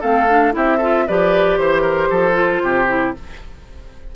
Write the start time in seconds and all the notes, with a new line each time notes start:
0.00 A3 C4 A4 F5
0.29 D4
0.52 C4 E4 G4 E5
0.77 F4 A4
1.07 F3 G4 B4 D5
1.57 E3 C5
1.81 A#4
2.10 F3 A4
2.32 F4
2.62 C3 G4
2.87 E4